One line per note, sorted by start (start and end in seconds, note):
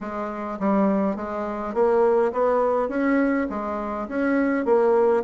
0.00 0.59 G#3
0.59 1.15 G3
1.15 1.73 G#3
1.73 2.32 A#3
2.32 2.88 B3
2.88 3.47 C#4
3.49 4.08 G#3
4.08 4.65 C#4
4.65 5.23 A#3